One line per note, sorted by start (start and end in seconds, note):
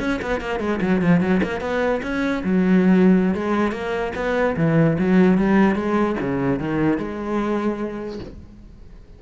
0.00 0.20 C#4
0.22 0.41 B3
0.41 0.60 A#3
0.60 0.80 G#3
0.81 1.02 F#3
1.02 1.21 F3
1.21 1.41 F#3
1.43 1.61 A#3
1.61 2.01 B3
2.03 2.43 C#4
2.44 3.35 F#3
3.35 3.72 G#3
3.72 4.12 A#3
4.15 4.56 B3
4.57 4.97 E3
4.98 5.38 F#3
5.38 5.75 G3
5.75 6.16 G#3
6.20 6.60 C#3
6.60 6.98 D#3
6.98 8.19 G#3